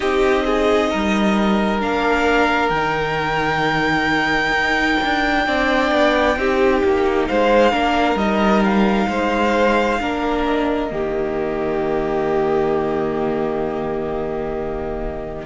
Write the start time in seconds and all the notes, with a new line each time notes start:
0.00 C4 D#4 G4 D#5
0.45 G#4
0.90 G3 A#4
1.80 A#3 D4 F5
2.69 D#3 G5
2.75 D#4
4.50 D#4
5.03 D4
5.44 C4 D4 D5
5.91 B3
6.36 C4 D#4 G4
6.84 A#3
7.27 G#3 C5 F5
7.71 A#3 D4 A#4
8.15 G3 D#4 D#5
8.64 F5
9.07 G#3 C5
10.00 A#3 D4 A#4
10.44 D#5
10.90 D#3 A#3 G4